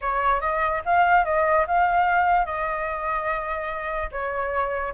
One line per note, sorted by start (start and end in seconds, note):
0.01 0.40 C#5
0.40 0.81 D#5
0.85 1.25 F5
1.25 1.66 D#5
1.67 2.45 F5
2.45 4.10 D#5
4.11 4.93 C#5